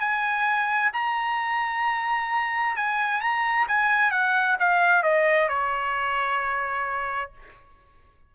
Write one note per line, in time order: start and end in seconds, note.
0.00 0.92 G#5
0.93 2.76 A#5
2.76 3.21 G#5
3.21 3.67 A#5
3.68 4.11 G#5
4.11 4.57 F#5
4.59 5.03 F5
5.03 5.49 D#5
5.49 7.32 C#5